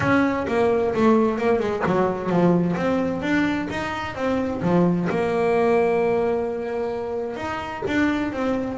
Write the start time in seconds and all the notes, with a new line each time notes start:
0.00 C#4
0.47 A#3
0.94 A3
1.38 A#3
1.59 G#3
1.85 F#3
2.29 F3
2.76 C4
3.22 D4
3.70 D#4
4.15 C4
4.62 F3
5.09 A#3
7.36 D#4
7.87 D4
8.32 C4